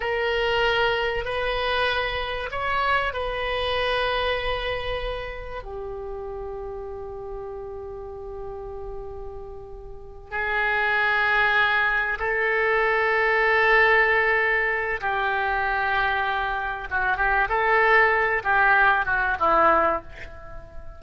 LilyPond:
\new Staff \with { instrumentName = "oboe" } { \time 4/4 \tempo 4 = 96 ais'2 b'2 | cis''4 b'2.~ | b'4 g'2.~ | g'1~ |
g'8 gis'2. a'8~ | a'1 | g'2. fis'8 g'8 | a'4. g'4 fis'8 e'4 | }